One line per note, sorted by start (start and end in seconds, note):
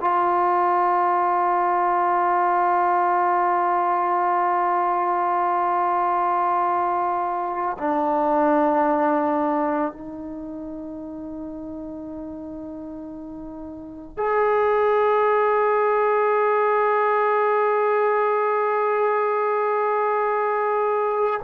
0.00 7.77 F4
7.78 9.92 D4
9.92 14.17 D#4
14.17 21.40 G#4